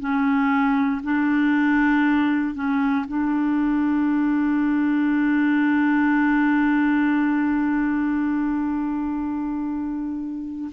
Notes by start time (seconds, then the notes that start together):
0.00 C#4
1.04 D4
2.55 C#4
3.08 D4